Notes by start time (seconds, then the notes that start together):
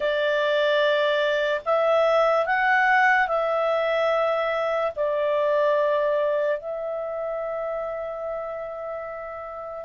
0.00 D5
1.65 E5
2.46 F#5
3.27 E5
4.95 D5
6.59 E5